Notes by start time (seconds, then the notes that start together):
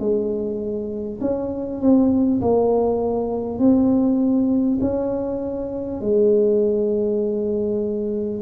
0.00 G#3
1.21 C#4
1.81 C4
2.41 A#3
3.59 C4
4.81 C#4
6.01 G#3